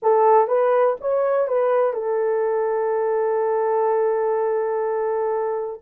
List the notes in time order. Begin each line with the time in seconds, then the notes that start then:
0.02 A4
0.47 B4
1.00 C#5
1.47 B4
1.93 A4